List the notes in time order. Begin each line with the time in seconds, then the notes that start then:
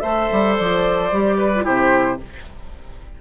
0.00 A3 A4 C5 E5
0.32 G3
0.58 F3 D5
1.12 G3 G4
1.38 B4
1.56 F4
1.63 C3 E4 G4 C5